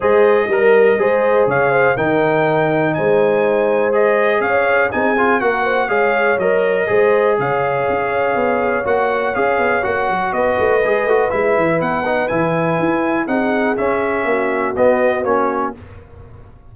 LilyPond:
<<
  \new Staff \with { instrumentName = "trumpet" } { \time 4/4 \tempo 4 = 122 dis''2. f''4 | g''2 gis''2 | dis''4 f''4 gis''4 fis''4 | f''4 dis''2 f''4~ |
f''2 fis''4 f''4 | fis''4 dis''2 e''4 | fis''4 gis''2 fis''4 | e''2 dis''4 cis''4 | }
  \new Staff \with { instrumentName = "horn" } { \time 4/4 c''4 ais'4 c''4 cis''8 c''8 | ais'2 c''2~ | c''4 cis''4 gis'4 ais'8 c''8 | cis''2 c''4 cis''4~ |
cis''1~ | cis''4 b'2.~ | b'2. gis'4~ | gis'4 fis'2. | }
  \new Staff \with { instrumentName = "trombone" } { \time 4/4 gis'4 ais'4 gis'2 | dis'1 | gis'2 dis'8 f'8 fis'4 | gis'4 ais'4 gis'2~ |
gis'2 fis'4 gis'4 | fis'2 gis'8 fis'8 e'4~ | e'8 dis'8 e'2 dis'4 | cis'2 b4 cis'4 | }
  \new Staff \with { instrumentName = "tuba" } { \time 4/4 gis4 g4 gis4 cis4 | dis2 gis2~ | gis4 cis'4 c'4 ais4 | gis4 fis4 gis4 cis4 |
cis'4 b4 ais4 cis'8 b8 | ais8 fis8 b8 a8 gis8 a8 gis8 e8 | b4 e4 e'4 c'4 | cis'4 ais4 b4 ais4 | }
>>